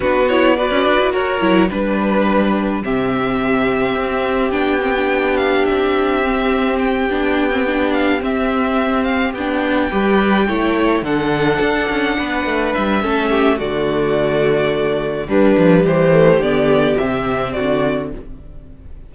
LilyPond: <<
  \new Staff \with { instrumentName = "violin" } { \time 4/4 \tempo 4 = 106 b'8 cis''8 d''4 cis''4 b'4~ | b'4 e''2. | g''4. f''8 e''2 | g''2 f''8 e''4. |
f''8 g''2. fis''8~ | fis''2~ fis''8 e''4. | d''2. b'4 | c''4 d''4 e''4 d''4 | }
  \new Staff \with { instrumentName = "violin" } { \time 4/4 fis'4 b'4 ais'4 b'4~ | b'4 g'2.~ | g'1~ | g'1~ |
g'4. b'4 cis''4 a'8~ | a'4. b'4. a'8 g'8 | fis'2. d'4 | g'2. fis'4 | }
  \new Staff \with { instrumentName = "viola" } { \time 4/4 d'8 e'8 fis'4. e'8 d'4~ | d'4 c'2. | d'8 c'16 d'2~ d'16 c'4~ | c'8 d'8. c'16 d'4 c'4.~ |
c'8 d'4 g'4 e'4 d'8~ | d'2. cis'4 | a2. g4~ | g8 a8 b4 c'2 | }
  \new Staff \with { instrumentName = "cello" } { \time 4/4 b4~ b16 cis'16 d'16 e'16 fis'8 fis8 g4~ | g4 c2 c'4 | b2 c'2~ | c'8 b2 c'4.~ |
c'8 b4 g4 a4 d8~ | d8 d'8 cis'8 b8 a8 g8 a4 | d2. g8 f8 | e4 d4 c4 d4 | }
>>